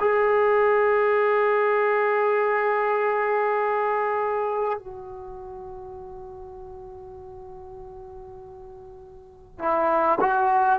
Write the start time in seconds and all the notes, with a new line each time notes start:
0.00 G#4
4.79 F#4
9.59 E4
10.21 F#4